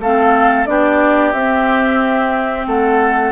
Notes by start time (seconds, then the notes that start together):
0.00 A3 C4 A4 F5
0.65 B3 D4 G4 D5
1.32 C4 E5
2.67 A3 A4 F#5